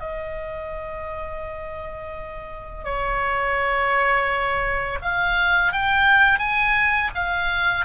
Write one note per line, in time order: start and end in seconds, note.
0.00 2.84 D#5
2.84 4.99 C#5
5.02 5.72 F5
5.72 6.39 G5
6.39 7.10 G#5
7.15 7.85 F5